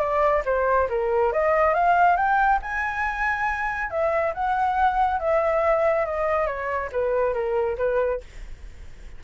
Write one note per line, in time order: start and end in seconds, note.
0.00 0.43 D5
0.45 0.88 C5
0.89 1.33 A#4
1.33 1.74 D#5
1.74 2.16 F5
2.16 2.60 G5
2.62 3.90 G#5
3.90 4.34 E5
4.34 5.20 F#5
5.20 6.06 E5
6.06 6.46 D#5
6.46 6.90 C#5
6.92 7.34 B4
7.34 7.77 A#4
7.78 8.21 B4